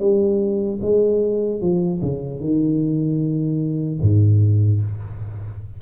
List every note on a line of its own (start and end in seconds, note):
0.00 0.80 G3
0.82 1.61 G#3
1.61 2.01 F3
2.02 2.41 C#3
2.41 4.01 D#3
4.01 4.81 G#2